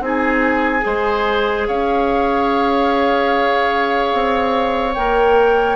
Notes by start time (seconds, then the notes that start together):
0.00 C4 D#4 G#4 G#5
0.80 G#3 G#4 C5
1.67 C#4 C#5 F5
4.13 C4
4.94 A#3 A#4 G5